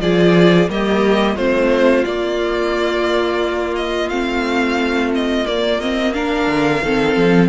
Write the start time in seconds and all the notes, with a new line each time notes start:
0.00 F3 F4 G#4 D5
0.69 G3 A#3 G4 D#5
1.35 A3 C4 F4 C5
2.04 A#3 D5
3.76 D#5
4.09 A3 C4 F5
5.15 D#5
5.46 A#3 D5
5.80 C4 D#5
6.14 D4 A#4 F5
6.47 D3
6.83 D#3 C4 A4
7.16 F3